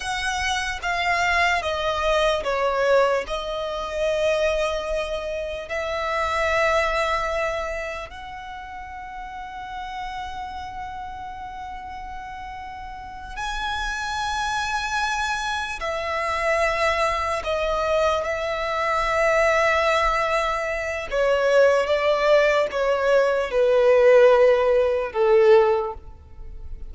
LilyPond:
\new Staff \with { instrumentName = "violin" } { \time 4/4 \tempo 4 = 74 fis''4 f''4 dis''4 cis''4 | dis''2. e''4~ | e''2 fis''2~ | fis''1~ |
fis''8 gis''2. e''8~ | e''4. dis''4 e''4.~ | e''2 cis''4 d''4 | cis''4 b'2 a'4 | }